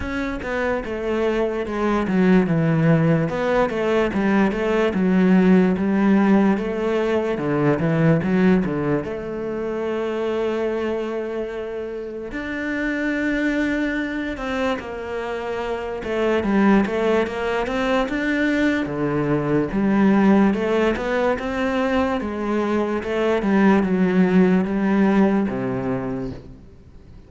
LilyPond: \new Staff \with { instrumentName = "cello" } { \time 4/4 \tempo 4 = 73 cis'8 b8 a4 gis8 fis8 e4 | b8 a8 g8 a8 fis4 g4 | a4 d8 e8 fis8 d8 a4~ | a2. d'4~ |
d'4. c'8 ais4. a8 | g8 a8 ais8 c'8 d'4 d4 | g4 a8 b8 c'4 gis4 | a8 g8 fis4 g4 c4 | }